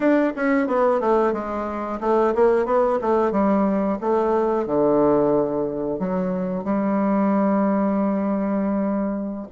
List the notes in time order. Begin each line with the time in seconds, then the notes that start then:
0.00 D4
0.35 C#4
0.67 B3
1.00 A3
1.32 G#3
2.00 A3
2.35 A#3
2.65 B3
3.01 A3
3.31 G3
4.00 A3
4.66 D3
5.99 F#3
6.64 G3